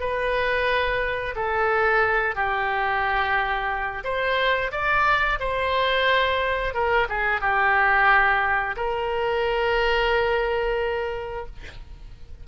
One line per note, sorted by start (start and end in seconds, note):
0.00 1.35 B4
1.36 2.35 A4
2.35 4.04 G4
4.04 4.71 C5
4.72 5.39 D5
5.40 6.74 C5
6.74 7.08 A#4
7.09 7.41 G#4
7.41 8.76 G4
8.76 11.46 A#4